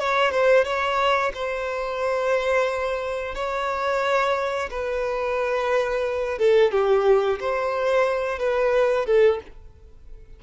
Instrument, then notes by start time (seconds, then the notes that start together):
violin
0.00 C#5
0.31 C5
0.65 C#5
1.34 C5
3.35 C#5
4.71 B4
6.39 A4
6.72 G4
7.40 C5
8.39 B4
9.06 A4